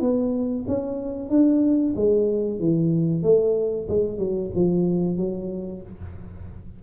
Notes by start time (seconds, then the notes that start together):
0.00 B3
0.67 C#4
1.29 D4
1.95 G#3
2.59 E3
3.22 A3
3.88 G#3
4.18 F#3
4.55 F3
5.17 F#3